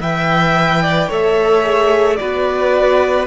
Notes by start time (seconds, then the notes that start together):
0.00 E3 B4 E5 G5
0.83 D5
1.08 A3 A4 C#5 E5
1.63 G#4
2.17 B3 F#4 B4 D5